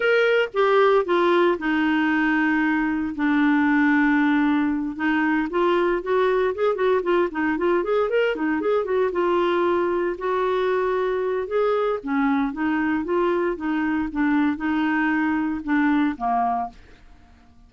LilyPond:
\new Staff \with { instrumentName = "clarinet" } { \time 4/4 \tempo 4 = 115 ais'4 g'4 f'4 dis'4~ | dis'2 d'2~ | d'4. dis'4 f'4 fis'8~ | fis'8 gis'8 fis'8 f'8 dis'8 f'8 gis'8 ais'8 |
dis'8 gis'8 fis'8 f'2 fis'8~ | fis'2 gis'4 cis'4 | dis'4 f'4 dis'4 d'4 | dis'2 d'4 ais4 | }